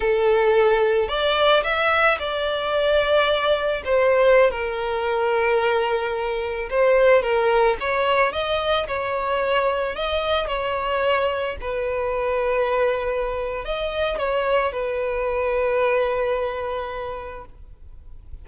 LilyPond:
\new Staff \with { instrumentName = "violin" } { \time 4/4 \tempo 4 = 110 a'2 d''4 e''4 | d''2. c''4~ | c''16 ais'2.~ ais'8.~ | ais'16 c''4 ais'4 cis''4 dis''8.~ |
dis''16 cis''2 dis''4 cis''8.~ | cis''4~ cis''16 b'2~ b'8.~ | b'4 dis''4 cis''4 b'4~ | b'1 | }